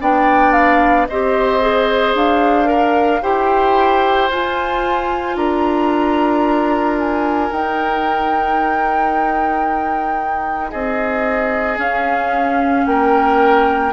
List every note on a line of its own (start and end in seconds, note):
0.00 1.08 B3
0.00 1.07 D4
0.00 1.07 D5
0.00 0.52 G5
0.52 1.06 F5
1.07 2.14 C4
1.07 1.61 G4
1.07 2.70 C5
1.07 2.15 D#5
1.61 2.65 G#4
2.14 3.21 D4
2.14 3.23 F5
2.65 3.18 A#4
2.65 3.22 A#4
3.22 4.30 E4
3.22 4.29 G4
3.22 5.36 C5
3.22 4.30 G5
4.30 5.36 F4
4.30 7.51 F4
4.30 5.36 G#5
5.36 7.50 D4
5.36 10.71 A#4
5.36 6.97 A#5
6.99 7.52 G#5
7.51 11.77 D#4
7.51 10.73 D#4
7.51 10.71 G5
10.71 11.78 C4
10.71 12.85 G#4
10.71 11.78 D#5
11.77 13.91 C#4
11.77 12.85 C#4
11.77 12.86 F5
12.86 13.92 A#3
12.86 13.92 A#4
12.86 13.92 G5